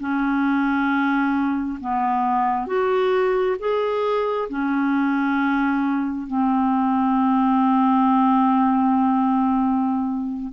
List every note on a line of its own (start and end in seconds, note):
0.00 1.79 C#4
1.81 2.67 B3
2.67 3.57 F#4
3.59 4.49 G#4
4.49 6.27 C#4
6.27 10.52 C4